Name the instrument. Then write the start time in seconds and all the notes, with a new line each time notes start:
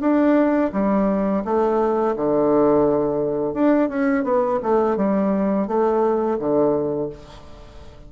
bassoon
0.00 D4
0.73 G3
1.44 A3
2.16 D3
3.54 D4
3.89 C#4
4.24 B3
4.62 A3
4.96 G3
5.67 A3
6.39 D3